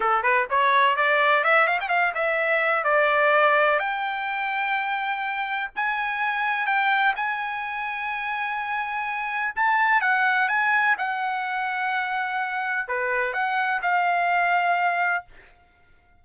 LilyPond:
\new Staff \with { instrumentName = "trumpet" } { \time 4/4 \tempo 4 = 126 a'8 b'8 cis''4 d''4 e''8 f''16 g''16 | f''8 e''4. d''2 | g''1 | gis''2 g''4 gis''4~ |
gis''1 | a''4 fis''4 gis''4 fis''4~ | fis''2. b'4 | fis''4 f''2. | }